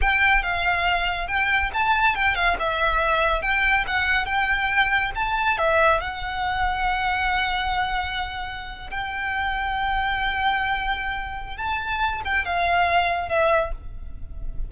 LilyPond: \new Staff \with { instrumentName = "violin" } { \time 4/4 \tempo 4 = 140 g''4 f''2 g''4 | a''4 g''8 f''8 e''2 | g''4 fis''4 g''2 | a''4 e''4 fis''2~ |
fis''1~ | fis''8. g''2.~ g''16~ | g''2. a''4~ | a''8 g''8 f''2 e''4 | }